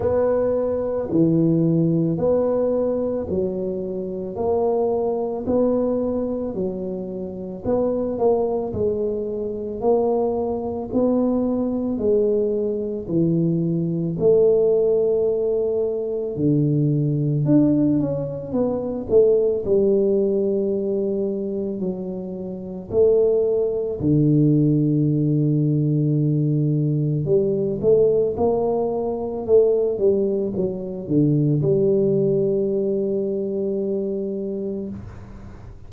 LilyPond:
\new Staff \with { instrumentName = "tuba" } { \time 4/4 \tempo 4 = 55 b4 e4 b4 fis4 | ais4 b4 fis4 b8 ais8 | gis4 ais4 b4 gis4 | e4 a2 d4 |
d'8 cis'8 b8 a8 g2 | fis4 a4 d2~ | d4 g8 a8 ais4 a8 g8 | fis8 d8 g2. | }